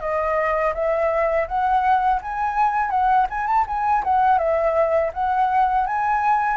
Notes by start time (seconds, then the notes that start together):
0.00 D#5
0.74 E5
1.47 F#5
2.22 G#5
2.90 F#5
3.30 G#5
3.47 A5
3.67 G#5
4.04 F#5
4.38 E5
5.13 F#5
5.86 G#5